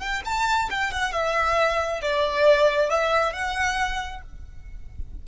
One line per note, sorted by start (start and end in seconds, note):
0.00 0.22 G5
0.25 0.69 A5
0.71 0.92 G5
0.92 1.12 F#5
1.12 2.01 E5
2.02 2.90 D5
2.90 3.33 E5
3.33 4.22 F#5